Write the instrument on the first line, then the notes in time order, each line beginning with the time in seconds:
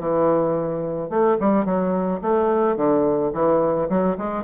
bassoon
0.00 E3
1.10 A3
1.41 G3
1.66 F#3
2.22 A3
2.77 D3
3.34 E3
3.90 F#3
4.18 G#3